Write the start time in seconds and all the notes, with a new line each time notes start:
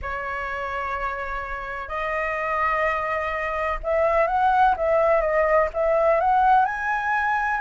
0.02 C#5
1.88 D#5
3.83 E5
4.27 F#5
4.76 E5
5.21 D#5
5.73 E5
6.20 F#5
6.65 G#5